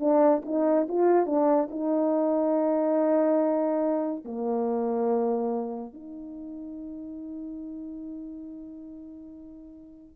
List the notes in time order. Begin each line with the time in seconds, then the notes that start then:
0.00 D4
0.45 D#4
0.89 F4
1.26 D4
1.71 D#4
4.25 A#3
5.94 D#4